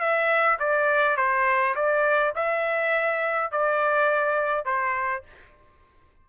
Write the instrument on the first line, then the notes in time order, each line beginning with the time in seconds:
trumpet
0.00 E5
0.60 D5
1.17 C5
1.76 D5
2.36 E5
3.52 D5
4.65 C5